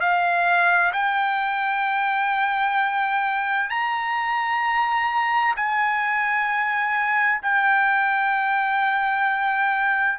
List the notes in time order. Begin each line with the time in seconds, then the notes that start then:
0.00 F5
0.93 G5
3.70 A#5
5.56 G#5
7.42 G5